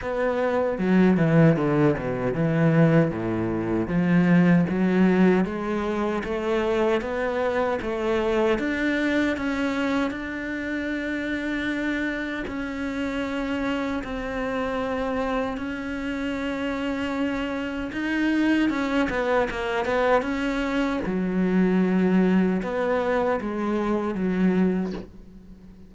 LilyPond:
\new Staff \with { instrumentName = "cello" } { \time 4/4 \tempo 4 = 77 b4 fis8 e8 d8 b,8 e4 | a,4 f4 fis4 gis4 | a4 b4 a4 d'4 | cis'4 d'2. |
cis'2 c'2 | cis'2. dis'4 | cis'8 b8 ais8 b8 cis'4 fis4~ | fis4 b4 gis4 fis4 | }